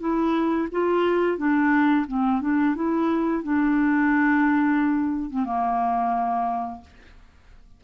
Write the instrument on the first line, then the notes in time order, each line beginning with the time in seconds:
clarinet
0.00 E4
0.72 F4
1.38 D4
2.07 C4
2.41 D4
2.75 E4
3.43 D4
5.30 C4
5.45 A#3